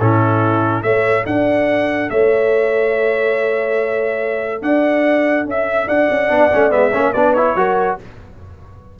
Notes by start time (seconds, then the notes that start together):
0.00 A2 C#4 E4 A4
0.83 A3 A4 C#5 E5
1.26 D4 D5 F#5
2.10 A3 C#5 E5
4.62 D4 D5 F#5
5.46 C#4 E5
5.88 D4 D5 F#5
6.11 C#4
6.30 B3 D4
6.54 A3 C#4
6.71 G#3 B3 E5
6.92 A#3 C#4 C#5
7.14 B3 D4 B4 D5
7.34 E4 C#5
7.56 F#3 F#4 A#4